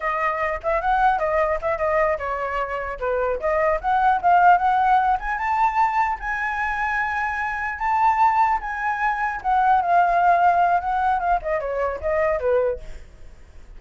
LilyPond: \new Staff \with { instrumentName = "flute" } { \time 4/4 \tempo 4 = 150 dis''4. e''8 fis''4 dis''4 | e''8 dis''4 cis''2 b'8~ | b'8 dis''4 fis''4 f''4 fis''8~ | fis''4 gis''8 a''2 gis''8~ |
gis''2.~ gis''8 a''8~ | a''4. gis''2 fis''8~ | fis''8 f''2~ f''8 fis''4 | f''8 dis''8 cis''4 dis''4 b'4 | }